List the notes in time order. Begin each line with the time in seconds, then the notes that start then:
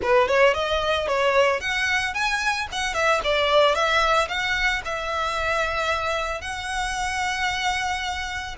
0.01 B4
0.28 C#5
0.54 D#5
1.07 C#5
1.60 F#5
2.14 G#5
2.72 F#5
2.93 E5
3.24 D5
3.74 E5
4.28 F#5
4.84 E5
6.41 F#5